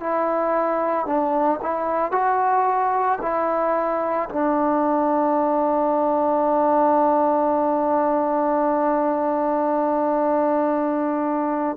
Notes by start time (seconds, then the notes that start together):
0.00 E4
1.06 D4
1.62 E4
2.12 F#4
3.21 E4
4.29 D4